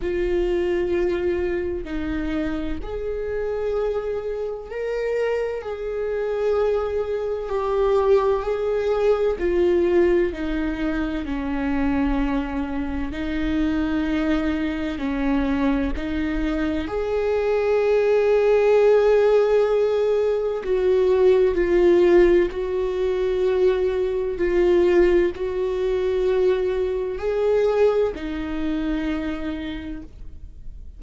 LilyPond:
\new Staff \with { instrumentName = "viola" } { \time 4/4 \tempo 4 = 64 f'2 dis'4 gis'4~ | gis'4 ais'4 gis'2 | g'4 gis'4 f'4 dis'4 | cis'2 dis'2 |
cis'4 dis'4 gis'2~ | gis'2 fis'4 f'4 | fis'2 f'4 fis'4~ | fis'4 gis'4 dis'2 | }